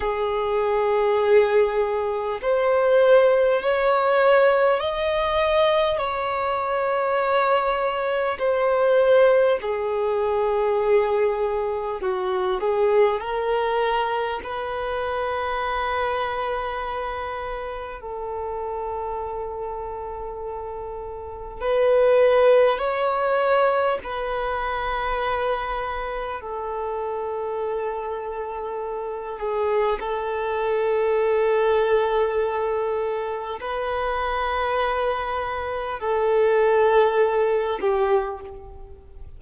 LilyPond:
\new Staff \with { instrumentName = "violin" } { \time 4/4 \tempo 4 = 50 gis'2 c''4 cis''4 | dis''4 cis''2 c''4 | gis'2 fis'8 gis'8 ais'4 | b'2. a'4~ |
a'2 b'4 cis''4 | b'2 a'2~ | a'8 gis'8 a'2. | b'2 a'4. g'8 | }